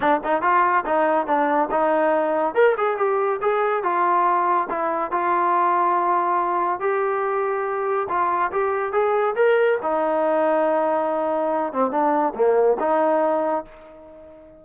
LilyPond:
\new Staff \with { instrumentName = "trombone" } { \time 4/4 \tempo 4 = 141 d'8 dis'8 f'4 dis'4 d'4 | dis'2 ais'8 gis'8 g'4 | gis'4 f'2 e'4 | f'1 |
g'2. f'4 | g'4 gis'4 ais'4 dis'4~ | dis'2.~ dis'8 c'8 | d'4 ais4 dis'2 | }